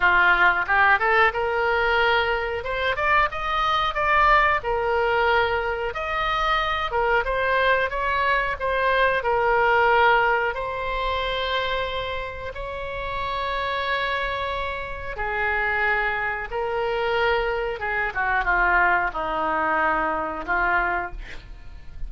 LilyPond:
\new Staff \with { instrumentName = "oboe" } { \time 4/4 \tempo 4 = 91 f'4 g'8 a'8 ais'2 | c''8 d''8 dis''4 d''4 ais'4~ | ais'4 dis''4. ais'8 c''4 | cis''4 c''4 ais'2 |
c''2. cis''4~ | cis''2. gis'4~ | gis'4 ais'2 gis'8 fis'8 | f'4 dis'2 f'4 | }